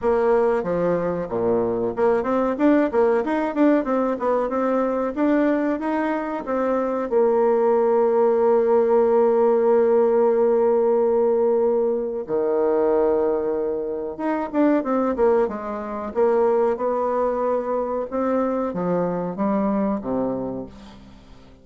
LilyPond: \new Staff \with { instrumentName = "bassoon" } { \time 4/4 \tempo 4 = 93 ais4 f4 ais,4 ais8 c'8 | d'8 ais8 dis'8 d'8 c'8 b8 c'4 | d'4 dis'4 c'4 ais4~ | ais1~ |
ais2. dis4~ | dis2 dis'8 d'8 c'8 ais8 | gis4 ais4 b2 | c'4 f4 g4 c4 | }